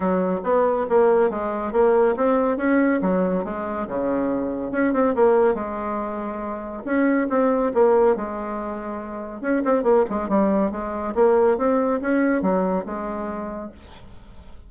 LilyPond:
\new Staff \with { instrumentName = "bassoon" } { \time 4/4 \tempo 4 = 140 fis4 b4 ais4 gis4 | ais4 c'4 cis'4 fis4 | gis4 cis2 cis'8 c'8 | ais4 gis2. |
cis'4 c'4 ais4 gis4~ | gis2 cis'8 c'8 ais8 gis8 | g4 gis4 ais4 c'4 | cis'4 fis4 gis2 | }